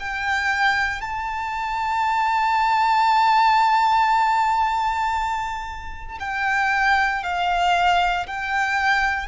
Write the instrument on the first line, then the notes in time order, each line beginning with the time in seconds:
violin
0.00 G5
1.02 A5
6.20 G5
7.23 F5
8.27 G5